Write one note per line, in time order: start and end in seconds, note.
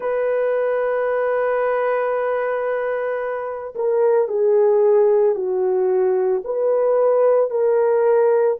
0.00 3.74 B4
3.75 4.28 A#4
4.28 5.35 G#4
5.35 6.42 F#4
6.44 7.50 B4
7.50 8.57 A#4